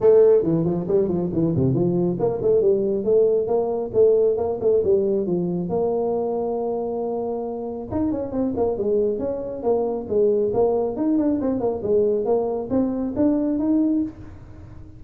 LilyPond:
\new Staff \with { instrumentName = "tuba" } { \time 4/4 \tempo 4 = 137 a4 e8 f8 g8 f8 e8 c8 | f4 ais8 a8 g4 a4 | ais4 a4 ais8 a8 g4 | f4 ais2.~ |
ais2 dis'8 cis'8 c'8 ais8 | gis4 cis'4 ais4 gis4 | ais4 dis'8 d'8 c'8 ais8 gis4 | ais4 c'4 d'4 dis'4 | }